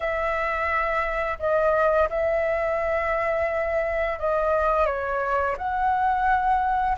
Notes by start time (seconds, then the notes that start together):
0.00 E5
1.39 D#5
2.09 E5
4.19 D#5
4.86 C#5
5.57 F#5